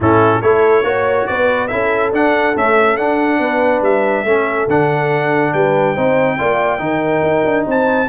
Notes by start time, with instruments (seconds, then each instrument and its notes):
0.00 tuba A2, trombone C#4, horn E4, trumpet A4
0.41 tuba A3, trombone E4, horn A4, trumpet C#5
0.83 tuba A#3, trombone F#4, horn C#5
1.26 tuba B3, horn B4, trumpet D5
1.67 tuba C#4, trombone E4, horn A4, trumpet E5
2.12 tuba D4, trombone D4, trumpet F#5
2.55 trombone A3, tuba C#4, trumpet E5
2.96 trombone D4, tuba D4, trumpet F#5
3.39 tuba B3, horn B4
3.81 tuba G3, trumpet E5
4.24 tuba A3, trombone C#4, horn A4
4.67 tuba D3, trombone D4, trumpet F#5
5.53 tuba G3, horn B4, trumpet G5
5.94 tuba C4, trombone D#4, horn C5
6.38 tuba A#3, trombone F4, horn D5
6.78 tuba D#3, trombone D#4, horn A#4
7.22 tuba D#4
7.44 tuba D4
7.67 tuba C4, horn C5, trumpet A5